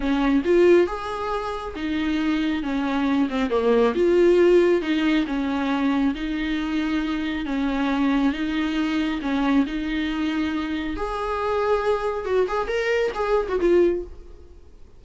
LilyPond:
\new Staff \with { instrumentName = "viola" } { \time 4/4 \tempo 4 = 137 cis'4 f'4 gis'2 | dis'2 cis'4. c'8 | ais4 f'2 dis'4 | cis'2 dis'2~ |
dis'4 cis'2 dis'4~ | dis'4 cis'4 dis'2~ | dis'4 gis'2. | fis'8 gis'8 ais'4 gis'8. fis'16 f'4 | }